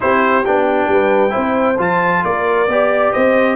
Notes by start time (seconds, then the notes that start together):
0.00 C4 E4 G4 C5
0.45 B3 D4 G5
0.88 G3 B4
1.30 E4 C5
1.36 C4
1.78 F3 F4 A5
2.24 A#3 A#4 D5
2.68 B3 G4 D5
3.12 C4 C5 D#5